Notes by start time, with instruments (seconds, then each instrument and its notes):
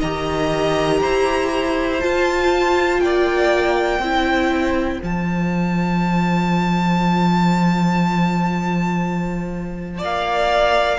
0.00 cello D#3, viola G4, violin D#5 A#5
1.02 cello E4, violin C5
2.01 viola F4, cello F4, violin A5
3.00 cello A#3, violin D5 G5
3.99 cello C4, viola E4, violin C5
5.00 cello F3, viola F4, violin A5
9.98 cello A#3, violin D5 F5